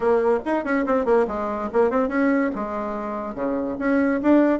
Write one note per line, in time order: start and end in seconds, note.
0.00 0.39 A#3
0.45 0.64 D#4
0.64 0.85 C#4
0.85 1.05 C4
1.05 1.26 A#3
1.27 1.69 G#3
1.72 1.90 A#3
1.90 2.08 C4
2.08 2.50 C#4
2.55 3.34 G#3
3.34 3.76 C#3
3.79 4.21 C#4
4.22 4.59 D4